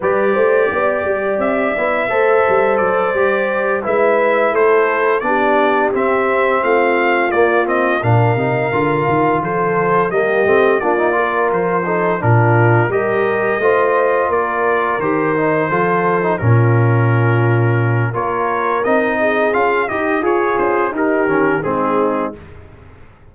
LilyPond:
<<
  \new Staff \with { instrumentName = "trumpet" } { \time 4/4 \tempo 4 = 86 d''2 e''2 | d''4. e''4 c''4 d''8~ | d''8 e''4 f''4 d''8 dis''8 f''8~ | f''4. c''4 dis''4 d''8~ |
d''8 c''4 ais'4 dis''4.~ | dis''8 d''4 c''2 ais'8~ | ais'2 cis''4 dis''4 | f''8 dis''8 cis''8 c''8 ais'4 gis'4 | }
  \new Staff \with { instrumentName = "horn" } { \time 4/4 b'8 c''8 d''2 c''4~ | c''4. b'4 a'4 g'8~ | g'4. f'2 ais'8~ | ais'4. a'4 g'4 f'8 |
ais'4 a'8 f'4 ais'4 c''8~ | c''8 ais'2 a'4 f'8~ | f'2 ais'4. gis'8~ | gis'8 g'8 f'4 g'4 dis'4 | }
  \new Staff \with { instrumentName = "trombone" } { \time 4/4 g'2~ g'8 e'8 a'4~ | a'8 g'4 e'2 d'8~ | d'8 c'2 ais8 c'8 d'8 | dis'8 f'2 ais8 c'8 d'16 dis'16 |
f'4 dis'8 d'4 g'4 f'8~ | f'4. g'8 dis'8 f'8. dis'16 cis'8~ | cis'2 f'4 dis'4 | f'8 g'8 gis'4 dis'8 cis'8 c'4 | }
  \new Staff \with { instrumentName = "tuba" } { \time 4/4 g8 a8 b8 g8 c'8 b8 a8 g8 | fis8 g4 gis4 a4 b8~ | b8 c'4 a4 ais4 ais,8 | c8 d8 dis8 f4 g8 a8 ais8~ |
ais8 f4 ais,4 g4 a8~ | a8 ais4 dis4 f4 ais,8~ | ais,2 ais4 c'4 | cis'8 dis'8 f'8 cis'8 dis'8 dis8 gis4 | }
>>